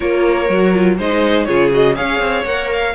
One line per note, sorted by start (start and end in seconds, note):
0.00 0.49 A#3
0.00 0.47 F4
0.00 0.96 A#4
0.00 0.96 C#5
0.48 0.98 F#3
0.48 0.73 F#4
0.73 0.98 F4
0.97 1.47 G#3
0.97 1.47 D#4
0.97 1.47 C5
0.97 1.44 D#5
1.44 1.98 C#3
1.44 1.71 F4
1.44 1.95 G#4
1.44 1.69 C#5
1.71 1.94 F#4
1.71 1.95 D#5
1.94 2.19 C#4
1.94 2.44 G#4
1.94 2.93 C#5
1.94 2.45 F5
2.19 2.44 C4
2.45 2.94 A#3
2.45 2.94 A#4
2.45 2.69 F#5
2.72 2.94 F5